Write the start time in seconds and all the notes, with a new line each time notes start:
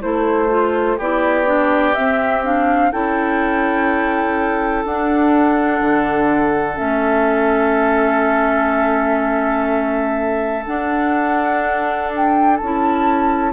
0.00 A3 E4 A4 C5
0.49 F4
0.96 B3 E4 G4 D5
1.45 D4
1.94 C4 E5
2.44 D4 F5
2.91 C#4 E4 A4 G5
4.84 D4 F#5
5.80 D3
6.75 A3 C#4 E5
10.66 D4 F#5
12.16 G5
12.56 C#4 A5
12.63 E4